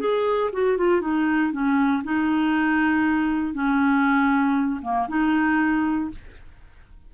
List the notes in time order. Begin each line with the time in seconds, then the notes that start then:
0.00 G#4
0.53 F#4
0.78 F4
1.01 D#4
1.52 C#4
2.04 D#4
3.54 C#4
4.82 A#3
5.08 D#4